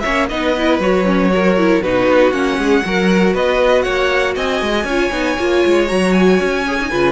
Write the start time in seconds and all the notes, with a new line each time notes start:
0.00 A#3 C#4 C#5 E5
0.29 B3 D#4 B4 D#5
0.57 E4
0.79 F#3 F#4 C#5
1.05 C#4
1.33 F#4 A#4
1.58 E4
1.82 B2 D#4 F#4 B4
2.06 B3
2.31 A#3 C#4 F#5
2.57 G#3 G#4
2.84 F#3 F#4 A#4
3.33 B3 B4 D#5
3.82 A#3 C#5 F#5
4.35 C4 D#5 G#5
4.61 G#3
4.84 C#4 F4 C#5
5.11 B3 D#4
5.38 A#3 F4
5.66 G#3
5.87 F#3 F#4 A#5
6.12 G#5
6.40 C#4
6.67 G#4
6.80 D#4
6.90 C#3 F4 B4